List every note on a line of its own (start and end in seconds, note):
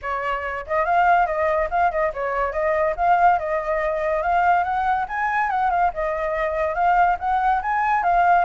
0.02 0.65 C#5
0.66 0.85 D#5
0.85 1.26 F5
1.26 1.68 D#5
1.70 1.91 F5
1.91 2.12 D#5
2.13 2.52 C#5
2.52 2.94 D#5
2.96 3.38 F5
3.38 4.22 D#5
4.22 4.63 F5
4.63 5.06 F#5
5.08 5.50 G#5
5.50 5.70 F#5
5.70 5.91 F5
5.93 6.74 D#5
6.74 7.17 F5
7.19 7.61 F#5
7.62 8.03 G#5
8.03 8.44 F5